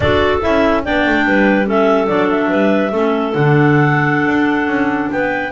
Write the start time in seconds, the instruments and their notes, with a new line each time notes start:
0.00 double bass D4, clarinet F#4 A4 D5
0.41 double bass C#4, clarinet E4 E5
0.83 double bass B3, clarinet D4 D5 G5
1.06 double bass A3
1.24 double bass G3, clarinet B4
1.65 clarinet C#4 A4 E5
2.07 double bass F#3, clarinet D4 D5
2.30 clarinet E5
2.49 double bass G3, clarinet B4
2.92 double bass A3, clarinet C#4 A4
3.32 double bass D3, clarinet D4 F#5
4.26 double bass D4
4.67 double bass C#4
5.10 double bass B3, clarinet B4 G5